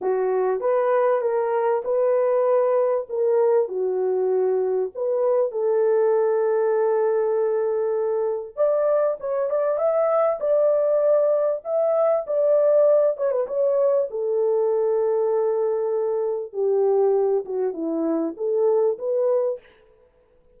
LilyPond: \new Staff \with { instrumentName = "horn" } { \time 4/4 \tempo 4 = 98 fis'4 b'4 ais'4 b'4~ | b'4 ais'4 fis'2 | b'4 a'2.~ | a'2 d''4 cis''8 d''8 |
e''4 d''2 e''4 | d''4. cis''16 b'16 cis''4 a'4~ | a'2. g'4~ | g'8 fis'8 e'4 a'4 b'4 | }